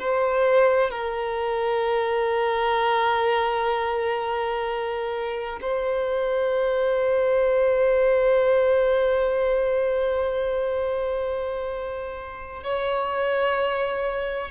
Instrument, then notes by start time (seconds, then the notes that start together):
violin
0.00 C5
0.91 A#4
5.62 C5
12.64 C#5